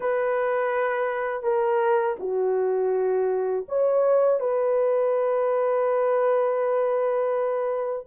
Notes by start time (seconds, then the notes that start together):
0.00 B4
1.42 A#4
2.19 F#4
3.68 C#5
4.39 B4